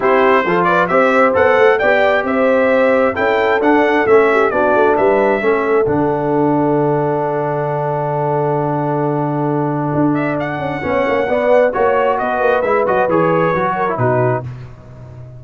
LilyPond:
<<
  \new Staff \with { instrumentName = "trumpet" } { \time 4/4 \tempo 4 = 133 c''4. d''8 e''4 fis''4 | g''4 e''2 g''4 | fis''4 e''4 d''4 e''4~ | e''4 fis''2.~ |
fis''1~ | fis''2~ fis''8 e''8 fis''4~ | fis''2 cis''4 dis''4 | e''8 dis''8 cis''2 b'4 | }
  \new Staff \with { instrumentName = "horn" } { \time 4/4 g'4 a'8 b'8 c''2 | d''4 c''2 a'4~ | a'4. g'8 fis'4 b'4 | a'1~ |
a'1~ | a'1 | cis''4 d''4 cis''4 b'4~ | b'2~ b'8 ais'8 fis'4 | }
  \new Staff \with { instrumentName = "trombone" } { \time 4/4 e'4 f'4 g'4 a'4 | g'2. e'4 | d'4 cis'4 d'2 | cis'4 d'2.~ |
d'1~ | d'1 | cis'4 b4 fis'2 | e'8 fis'8 gis'4 fis'8. e'16 dis'4 | }
  \new Staff \with { instrumentName = "tuba" } { \time 4/4 c'4 f4 c'4 b8 a8 | b4 c'2 cis'4 | d'4 a4 b8 a8 g4 | a4 d2.~ |
d1~ | d2 d'4. cis'8 | b8 ais8 b4 ais4 b8 ais8 | gis8 fis8 e4 fis4 b,4 | }
>>